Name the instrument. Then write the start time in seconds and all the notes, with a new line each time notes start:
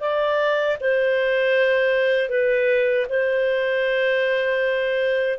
clarinet
0.00 D5
0.80 C5
2.29 B4
3.09 C5